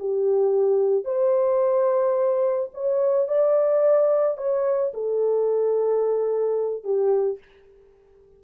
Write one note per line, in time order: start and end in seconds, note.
0.00 1.05 G4
1.05 2.70 C5
2.74 3.28 C#5
3.28 4.38 D5
4.38 4.93 C#5
4.94 6.84 A4
6.84 7.39 G4